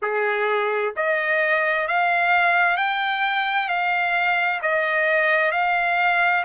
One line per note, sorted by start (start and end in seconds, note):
0.02 0.94 G#4
0.96 1.87 D#5
1.87 2.77 F5
2.77 3.68 G5
3.68 4.60 F5
4.62 5.51 D#5
5.51 6.44 F5